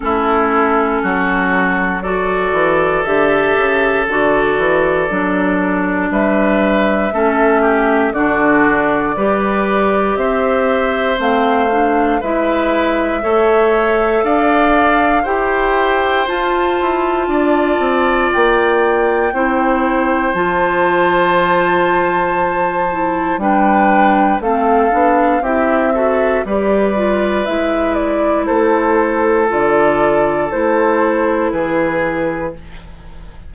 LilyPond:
<<
  \new Staff \with { instrumentName = "flute" } { \time 4/4 \tempo 4 = 59 a'2 d''4 e''4 | d''2 e''2 | d''2 e''4 f''4 | e''2 f''4 g''4 |
a''2 g''2 | a''2. g''4 | f''4 e''4 d''4 e''8 d''8 | c''4 d''4 c''4 b'4 | }
  \new Staff \with { instrumentName = "oboe" } { \time 4/4 e'4 fis'4 a'2~ | a'2 b'4 a'8 g'8 | fis'4 b'4 c''2 | b'4 cis''4 d''4 c''4~ |
c''4 d''2 c''4~ | c''2. b'4 | a'4 g'8 a'8 b'2 | a'2. gis'4 | }
  \new Staff \with { instrumentName = "clarinet" } { \time 4/4 cis'2 fis'4 g'4 | fis'4 d'2 cis'4 | d'4 g'2 c'8 d'8 | e'4 a'2 g'4 |
f'2. e'4 | f'2~ f'8 e'8 d'4 | c'8 d'8 e'8 fis'8 g'8 f'8 e'4~ | e'4 f'4 e'2 | }
  \new Staff \with { instrumentName = "bassoon" } { \time 4/4 a4 fis4. e8 d8 cis8 | d8 e8 fis4 g4 a4 | d4 g4 c'4 a4 | gis4 a4 d'4 e'4 |
f'8 e'8 d'8 c'8 ais4 c'4 | f2. g4 | a8 b8 c'4 g4 gis4 | a4 d4 a4 e4 | }
>>